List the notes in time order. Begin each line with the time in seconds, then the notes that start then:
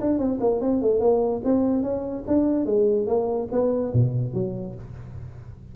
0.00 D4
0.18 C4
0.40 A#3
0.60 C4
0.81 A3
1.00 A#3
1.44 C4
1.82 C#4
2.27 D4
2.65 G#3
3.06 A#3
3.51 B3
3.93 B2
4.33 F#3